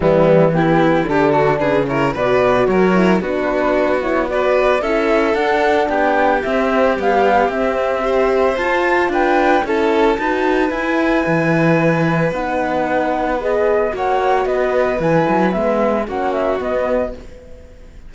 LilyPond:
<<
  \new Staff \with { instrumentName = "flute" } { \time 4/4 \tempo 4 = 112 e'4 g'4 a'4 b'8 cis''8 | d''4 cis''4 b'4. cis''8 | d''4 e''4 fis''4 g''4 | e''4 f''4 e''2 |
a''4 g''4 a''2 | gis''2. fis''4~ | fis''4 dis''4 fis''4 dis''4 | gis''4 e''4 fis''8 e''8 dis''4 | }
  \new Staff \with { instrumentName = "violin" } { \time 4/4 b4 e'4 g'8 fis'8 gis'8 ais'8 | b'4 ais'4 fis'2 | b'4 a'2 g'4~ | g'2. c''4~ |
c''4 b'4 a'4 b'4~ | b'1~ | b'2 cis''4 b'4~ | b'2 fis'2 | }
  \new Staff \with { instrumentName = "horn" } { \time 4/4 g4 b4 d'4. e'8 | fis'4. e'8 d'4. e'8 | fis'4 e'4 d'2 | c'4 g4 c'4 g'4 |
f'2 e'4 fis'4 | e'2. dis'4~ | dis'4 gis'4 fis'2 | e'4 b4 cis'4 b4 | }
  \new Staff \with { instrumentName = "cello" } { \time 4/4 e2 d4 cis4 | b,4 fis4 b2~ | b4 cis'4 d'4 b4 | c'4 b4 c'2 |
f'4 d'4 cis'4 dis'4 | e'4 e2 b4~ | b2 ais4 b4 | e8 fis8 gis4 ais4 b4 | }
>>